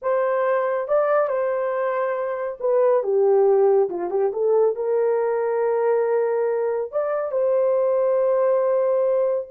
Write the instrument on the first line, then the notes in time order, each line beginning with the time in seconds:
horn
0.02 C5
0.88 D5
1.28 C5
2.59 B4
3.03 G4
3.89 F4
4.10 G4
4.32 A4
4.75 A#4
6.91 D5
7.31 C5